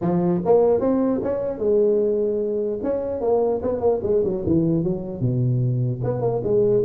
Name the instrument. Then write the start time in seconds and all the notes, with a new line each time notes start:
tuba
0.01 F3
0.45 A#3
0.80 C4
1.23 C#4
1.58 G#3
2.83 C#4
3.20 A#3
3.62 B3
3.80 A#3
4.02 G#3
4.24 F#3
4.46 E3
4.83 F#3
5.20 B2
6.03 B3
6.21 A#3
6.43 G#3